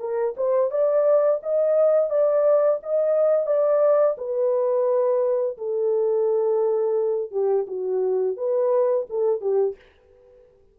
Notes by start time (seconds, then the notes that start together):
0.00 A#4
0.37 C5
0.71 D5
1.43 D#5
2.10 D5
2.83 D#5
3.46 D5
4.18 B4
5.58 A4
7.31 G4
7.67 F#4
8.37 B4
9.10 A4
9.41 G4